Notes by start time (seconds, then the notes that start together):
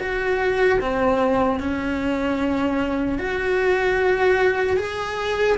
0.00 F#4
0.80 C4
1.60 C#4
3.19 F#4
4.77 G#4